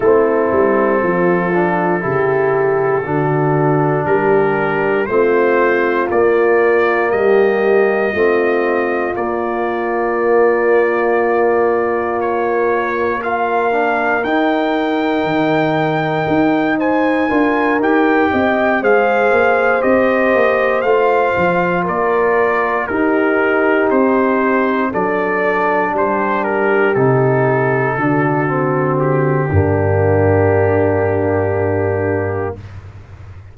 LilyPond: <<
  \new Staff \with { instrumentName = "trumpet" } { \time 4/4 \tempo 4 = 59 a'1 | ais'4 c''4 d''4 dis''4~ | dis''4 d''2. | cis''4 f''4 g''2~ |
g''8 gis''4 g''4 f''4 dis''8~ | dis''8 f''4 d''4 ais'4 c''8~ | c''8 d''4 c''8 ais'8 a'4.~ | a'8 g'2.~ g'8 | }
  \new Staff \with { instrumentName = "horn" } { \time 4/4 e'4 f'4 g'4 fis'4 | g'4 f'2 g'4 | f'1~ | f'4 ais'2.~ |
ais'8 c''8 ais'4 dis''8 c''4.~ | c''4. ais'4 g'4.~ | g'8 a'4 g'2 fis'8~ | fis'4 d'2. | }
  \new Staff \with { instrumentName = "trombone" } { \time 4/4 c'4. d'8 e'4 d'4~ | d'4 c'4 ais2 | c'4 ais2.~ | ais4 f'8 d'8 dis'2~ |
dis'4 f'8 g'4 gis'4 g'8~ | g'8 f'2 dis'4.~ | dis'8 d'2 dis'4 d'8 | c'4 ais2. | }
  \new Staff \with { instrumentName = "tuba" } { \time 4/4 a8 g8 f4 cis4 d4 | g4 a4 ais4 g4 | a4 ais2.~ | ais2 dis'4 dis4 |
dis'4 d'8 dis'8 c'8 gis8 ais8 c'8 | ais8 a8 f8 ais4 dis'4 c'8~ | c'8 fis4 g4 c4 d8~ | d4 g,2. | }
>>